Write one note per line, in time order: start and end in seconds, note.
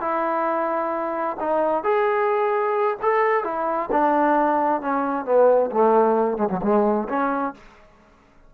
0.00 1.36 E4
1.40 1.83 D#4
1.83 2.97 G#4
3.02 3.44 A4
3.44 3.89 E4
3.91 4.81 D4
4.81 5.25 C#4
5.25 5.70 B3
5.71 6.37 A3
6.37 6.49 G#3
6.49 6.61 F#3
6.62 7.08 G#3
7.08 7.54 C#4